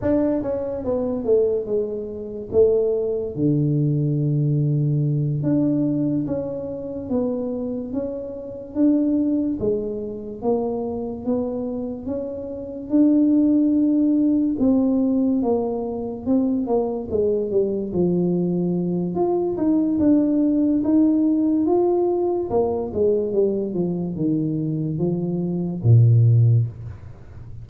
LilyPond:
\new Staff \with { instrumentName = "tuba" } { \time 4/4 \tempo 4 = 72 d'8 cis'8 b8 a8 gis4 a4 | d2~ d8 d'4 cis'8~ | cis'8 b4 cis'4 d'4 gis8~ | gis8 ais4 b4 cis'4 d'8~ |
d'4. c'4 ais4 c'8 | ais8 gis8 g8 f4. f'8 dis'8 | d'4 dis'4 f'4 ais8 gis8 | g8 f8 dis4 f4 ais,4 | }